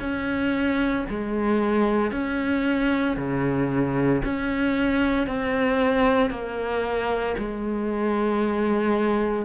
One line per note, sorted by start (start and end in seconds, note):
0.00 1.05 C#4
1.10 2.11 G#3
2.11 3.17 C#4
3.17 4.22 C#3
4.24 5.27 C#4
5.27 6.30 C4
6.30 7.35 A#3
7.38 9.45 G#3